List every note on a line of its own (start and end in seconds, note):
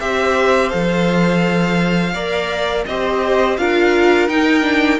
0.00 0.72 C4
0.00 0.70 G4
0.00 2.13 C5
0.00 0.69 E5
0.69 2.14 F3
0.69 2.13 A4
0.69 2.84 F5
2.13 2.85 A#3
2.13 2.87 A#4
2.13 2.85 D5
2.86 3.58 C4
2.86 3.58 G4
2.86 3.60 C5
2.86 3.57 D#5
3.57 4.28 D4
3.57 4.28 F4
3.57 5.00 A#4
3.57 4.28 F5
4.28 5.00 D#4
4.28 4.61 D#4
4.28 5.00 G5
4.61 4.97 D4